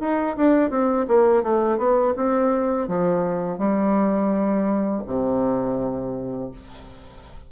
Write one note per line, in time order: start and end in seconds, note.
0.00 0.36 D#4
0.37 0.70 D4
0.70 1.06 C4
1.08 1.43 A#3
1.43 1.78 A3
1.78 2.14 B3
2.17 2.88 C4
2.88 3.58 F3
3.58 5.03 G3
5.07 6.52 C3